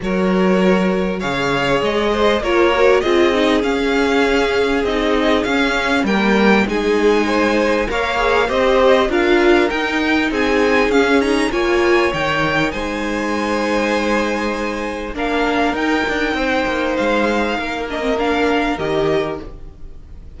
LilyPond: <<
  \new Staff \with { instrumentName = "violin" } { \time 4/4 \tempo 4 = 99 cis''2 f''4 dis''4 | cis''4 dis''4 f''2 | dis''4 f''4 g''4 gis''4~ | gis''4 f''4 dis''4 f''4 |
g''4 gis''4 f''8 ais''8 gis''4 | g''4 gis''2.~ | gis''4 f''4 g''2 | f''4. dis''8 f''4 dis''4 | }
  \new Staff \with { instrumentName = "violin" } { \time 4/4 ais'2 cis''4. c''8 | ais'4 gis'2.~ | gis'2 ais'4 gis'4 | c''4 cis''4 c''4 ais'4~ |
ais'4 gis'2 cis''4~ | cis''4 c''2.~ | c''4 ais'2 c''4~ | c''4 ais'2. | }
  \new Staff \with { instrumentName = "viola" } { \time 4/4 fis'2 gis'2 | f'8 fis'8 f'8 dis'8 cis'2 | dis'4 cis'4 ais4 dis'4~ | dis'4 ais'8 gis'8 g'4 f'4 |
dis'2 cis'8 dis'8 f'4 | dis'1~ | dis'4 d'4 dis'2~ | dis'4. d'16 c'16 d'4 g'4 | }
  \new Staff \with { instrumentName = "cello" } { \time 4/4 fis2 cis4 gis4 | ais4 c'4 cis'2 | c'4 cis'4 g4 gis4~ | gis4 ais4 c'4 d'4 |
dis'4 c'4 cis'4 ais4 | dis4 gis2.~ | gis4 ais4 dis'8 d'8 c'8 ais8 | gis4 ais2 dis4 | }
>>